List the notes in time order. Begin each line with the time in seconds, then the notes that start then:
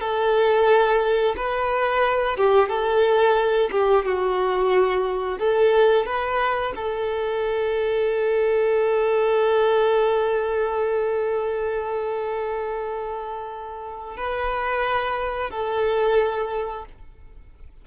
0.00 A4
1.36 B4
2.37 G4
2.69 A4
3.71 G4
4.05 F#4
5.38 A4
6.06 B4
6.75 A4
14.17 B4
15.50 A4